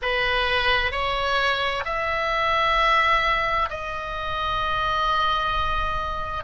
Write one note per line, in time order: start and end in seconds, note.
0.02 0.91 B4
0.91 1.84 C#5
1.84 3.69 E5
3.70 6.44 D#5